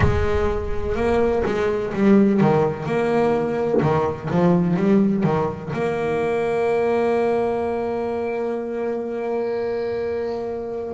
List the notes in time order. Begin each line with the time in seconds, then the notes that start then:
0.00 G#3
0.95 A#3
1.45 G#3
1.93 G3
2.41 D#3
2.86 A#3
3.82 D#3
4.30 F3
4.76 G3
5.23 D#3
5.73 A#3